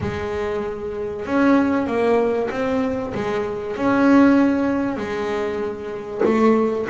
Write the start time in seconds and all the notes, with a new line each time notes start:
0.00 G#3
1.25 C#4
1.87 A#3
2.50 C4
3.14 G#3
3.76 C#4
4.96 G#3
6.24 A3